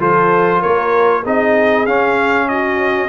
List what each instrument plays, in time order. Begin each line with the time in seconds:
0.00 tuba F3, trombone F4, horn A4, trumpet C5
0.60 tuba A#3, horn A#4, trumpet C#5
1.23 tuba C4, trombone D#4, horn G#4, trumpet D#5
1.86 trombone C#4, tuba C#4, trumpet F5
2.49 horn F#4, trumpet D#5